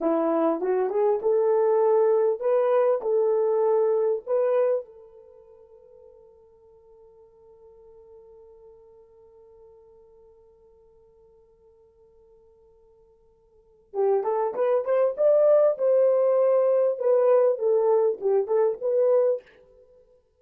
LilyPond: \new Staff \with { instrumentName = "horn" } { \time 4/4 \tempo 4 = 99 e'4 fis'8 gis'8 a'2 | b'4 a'2 b'4 | a'1~ | a'1~ |
a'1~ | a'2. g'8 a'8 | b'8 c''8 d''4 c''2 | b'4 a'4 g'8 a'8 b'4 | }